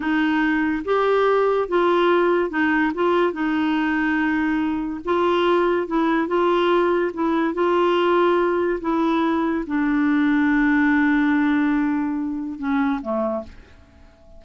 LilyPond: \new Staff \with { instrumentName = "clarinet" } { \time 4/4 \tempo 4 = 143 dis'2 g'2 | f'2 dis'4 f'4 | dis'1 | f'2 e'4 f'4~ |
f'4 e'4 f'2~ | f'4 e'2 d'4~ | d'1~ | d'2 cis'4 a4 | }